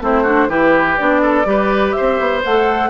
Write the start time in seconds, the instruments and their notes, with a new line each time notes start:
0.00 bassoon A3, clarinet C4, oboe E4, flute C5
0.23 clarinet D4, oboe F#4
0.49 bassoon E3, clarinet E4, oboe G4, flute B4
0.98 bassoon B3, clarinet D4, flute D5
1.22 oboe A4
1.45 bassoon G3, clarinet G4, oboe B4
1.92 oboe C5, flute E5
2.00 bassoon C4
2.19 bassoon B3
2.44 bassoon A3, clarinet A4, flute F#5